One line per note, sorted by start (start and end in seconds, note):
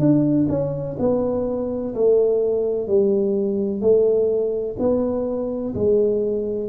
0.00 0.48 D4
0.49 0.97 C#4
1.00 1.95 B3
1.95 2.88 A3
2.88 3.81 G3
3.81 4.77 A3
4.80 5.75 B3
5.75 6.70 G#3